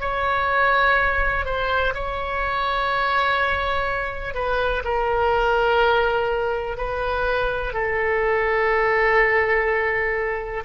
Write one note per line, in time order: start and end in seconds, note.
0.00 1.45 C#5
1.45 1.94 C5
1.94 4.35 C#5
4.35 4.83 B4
4.84 6.77 A#4
6.77 7.73 B4
7.73 10.64 A4